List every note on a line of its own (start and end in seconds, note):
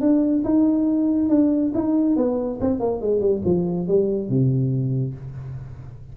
0.00 0.43 D4
0.44 1.29 D#4
1.29 1.72 D4
1.74 2.16 D#4
2.16 2.59 B3
2.60 2.79 C4
2.79 3.01 A#3
3.01 3.20 G#3
3.20 3.41 G3
3.44 3.87 F3
3.87 4.29 G3
4.29 5.14 C3